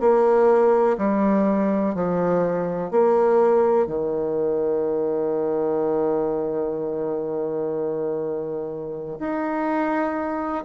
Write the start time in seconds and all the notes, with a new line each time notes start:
0.00 A#3
0.98 G3
1.94 F3
2.91 A#3
3.87 D#3
9.19 D#4